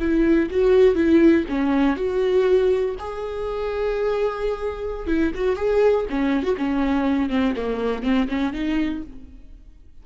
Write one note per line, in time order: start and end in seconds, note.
0.00 0.50 E4
0.51 0.95 F#4
0.95 1.45 E4
1.49 1.97 C#4
1.97 2.96 F#4
2.99 5.07 G#4
5.07 5.32 E4
5.35 5.56 F#4
5.56 6.06 G#4
6.10 6.43 C#4
6.43 6.56 F#4
6.58 7.30 C#4
7.30 7.54 C4
7.56 8.03 A#3
8.03 8.28 C4
8.29 8.53 C#4
8.54 9.03 D#4